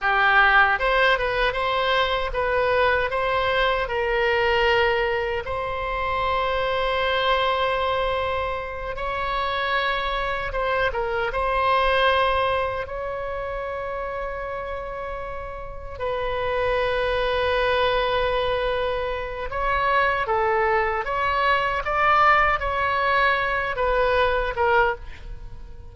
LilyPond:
\new Staff \with { instrumentName = "oboe" } { \time 4/4 \tempo 4 = 77 g'4 c''8 b'8 c''4 b'4 | c''4 ais'2 c''4~ | c''2.~ c''8 cis''8~ | cis''4. c''8 ais'8 c''4.~ |
c''8 cis''2.~ cis''8~ | cis''8 b'2.~ b'8~ | b'4 cis''4 a'4 cis''4 | d''4 cis''4. b'4 ais'8 | }